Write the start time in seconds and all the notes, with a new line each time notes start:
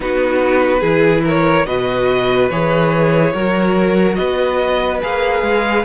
0.00 B3 D#4 F#4 B4
0.79 E3 E4 G#4
1.23 A#4 C#5
1.66 B2 F#4 B4 D#5
2.50 E3 G#4 C#5
3.33 F#3 F#4 A#4
4.15 B3 B4 D#5
5.01 A#3 G#4 F5
5.42 G#3